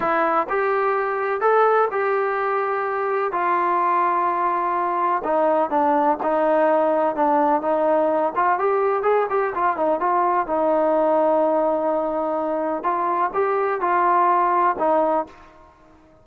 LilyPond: \new Staff \with { instrumentName = "trombone" } { \time 4/4 \tempo 4 = 126 e'4 g'2 a'4 | g'2. f'4~ | f'2. dis'4 | d'4 dis'2 d'4 |
dis'4. f'8 g'4 gis'8 g'8 | f'8 dis'8 f'4 dis'2~ | dis'2. f'4 | g'4 f'2 dis'4 | }